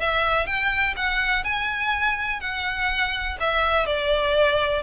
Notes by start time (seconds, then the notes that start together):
0.00 E5
0.46 G5
0.97 F#5
1.44 G#5
2.40 F#5
3.40 E5
3.86 D5